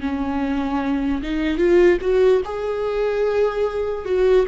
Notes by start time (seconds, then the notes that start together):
0.00 C#4
1.22 D#4
1.57 F4
2.01 F#4
2.44 G#4
4.05 F#4